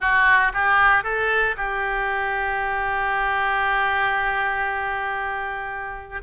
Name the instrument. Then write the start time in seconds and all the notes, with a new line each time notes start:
oboe
0.00 F#4
0.53 G4
1.03 A4
1.56 G4